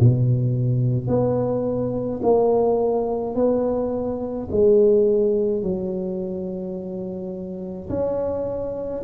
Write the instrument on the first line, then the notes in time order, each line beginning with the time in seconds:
tuba
0.00 B2
1.08 B3
2.23 A#3
3.35 B3
4.51 G#3
5.62 F#3
7.89 C#4